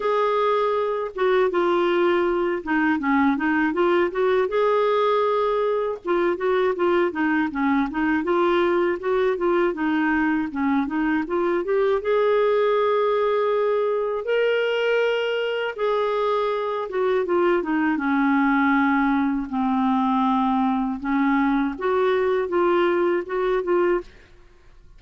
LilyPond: \new Staff \with { instrumentName = "clarinet" } { \time 4/4 \tempo 4 = 80 gis'4. fis'8 f'4. dis'8 | cis'8 dis'8 f'8 fis'8 gis'2 | f'8 fis'8 f'8 dis'8 cis'8 dis'8 f'4 | fis'8 f'8 dis'4 cis'8 dis'8 f'8 g'8 |
gis'2. ais'4~ | ais'4 gis'4. fis'8 f'8 dis'8 | cis'2 c'2 | cis'4 fis'4 f'4 fis'8 f'8 | }